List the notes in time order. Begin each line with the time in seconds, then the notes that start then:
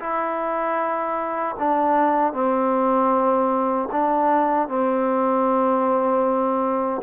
0.00 E4
1.59 D4
2.33 C4
3.92 D4
4.68 C4